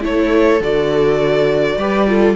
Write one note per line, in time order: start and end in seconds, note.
0.00 0.60 A3
0.00 0.58 E4
0.00 1.78 A4
0.00 0.62 C#5
0.60 1.76 D3
0.60 1.79 F#4
0.60 2.36 D5
1.76 2.34 G3
1.76 2.07 G4
1.76 2.07 B4
2.07 2.36 F4
2.07 2.36 A4